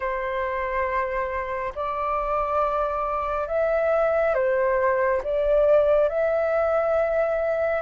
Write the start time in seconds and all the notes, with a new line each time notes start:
0.00 C5
1.75 D5
3.47 E5
4.34 C5
5.23 D5
6.09 E5